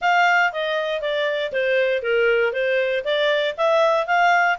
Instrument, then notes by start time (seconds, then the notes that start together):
clarinet
0.01 F5
0.52 D#5
1.01 D5
1.52 C5
2.02 A#4
2.52 C5
3.04 D5
3.57 E5
4.07 F5